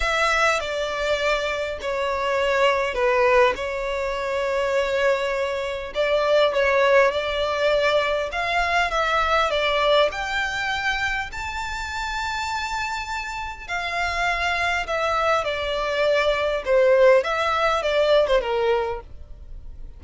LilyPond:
\new Staff \with { instrumentName = "violin" } { \time 4/4 \tempo 4 = 101 e''4 d''2 cis''4~ | cis''4 b'4 cis''2~ | cis''2 d''4 cis''4 | d''2 f''4 e''4 |
d''4 g''2 a''4~ | a''2. f''4~ | f''4 e''4 d''2 | c''4 e''4 d''8. c''16 ais'4 | }